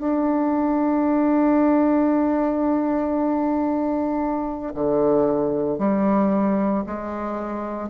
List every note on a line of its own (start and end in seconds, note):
0.00 4.74 D4
4.75 5.79 D3
5.79 6.84 G3
6.87 7.90 G#3